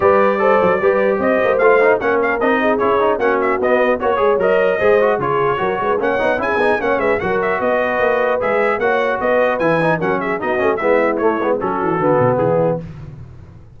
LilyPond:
<<
  \new Staff \with { instrumentName = "trumpet" } { \time 4/4 \tempo 4 = 150 d''2. dis''4 | f''4 fis''8 f''8 dis''4 cis''4 | fis''8 e''8 dis''4 cis''4 dis''4~ | dis''4 cis''2 fis''4 |
gis''4 fis''8 e''8 fis''8 e''8 dis''4~ | dis''4 e''4 fis''4 dis''4 | gis''4 fis''8 e''8 dis''4 e''4 | cis''4 a'2 gis'4 | }
  \new Staff \with { instrumentName = "horn" } { \time 4/4 b'4 c''4 b'4 c''4~ | c''4 ais'4. gis'4. | fis'2 cis''2 | c''4 gis'4 ais'8 b'8 cis''4 |
gis'4 cis''8 b'8 ais'4 b'4~ | b'2 cis''4 b'4~ | b'4 ais'8 gis'8 fis'4 e'4~ | e'4 fis'2 e'4 | }
  \new Staff \with { instrumentName = "trombone" } { \time 4/4 g'4 a'4 g'2 | f'8 dis'8 cis'4 dis'4 e'8 dis'8 | cis'4 b4 fis'8 gis'8 ais'4 | gis'8 fis'8 f'4 fis'4 cis'8 dis'8 |
e'8 dis'8 cis'4 fis'2~ | fis'4 gis'4 fis'2 | e'8 dis'8 cis'4 dis'8 cis'8 b4 | a8 b8 cis'4 b2 | }
  \new Staff \with { instrumentName = "tuba" } { \time 4/4 g4. fis8 g4 c'8 ais8 | a4 ais4 c'4 cis'4 | ais4 b4 ais8 gis8 fis4 | gis4 cis4 fis8 gis8 ais8 b8 |
cis'8 b8 ais8 gis8 fis4 b4 | ais4 gis4 ais4 b4 | e4 fis4 b8 a8 gis4 | a8 gis8 fis8 e8 d8 b,8 e4 | }
>>